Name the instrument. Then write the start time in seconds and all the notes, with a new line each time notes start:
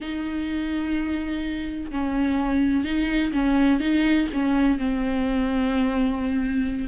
viola
0.01 D#4
1.91 C#4
2.84 D#4
3.32 C#4
3.80 D#4
4.33 C#4
4.78 C4